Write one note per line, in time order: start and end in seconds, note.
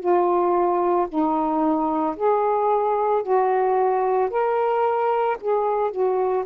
0.00 1.07 F4
1.09 2.16 D#4
2.17 3.23 G#4
3.23 4.30 F#4
4.31 5.38 A#4
5.41 5.91 G#4
5.91 6.45 F#4